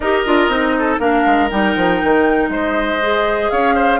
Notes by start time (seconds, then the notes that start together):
0.00 D#4 G4 A#4 D#5
0.25 D4 F4
0.48 C4 D#4
0.78 A4
0.99 A#3 D4 A#4 F5
1.26 G#3
1.49 G3 D#4 G5
1.76 F3
2.03 D#3
2.48 G#3 C5 D#5
3.01 G#4
3.50 C#4 C#5 F5
3.74 C5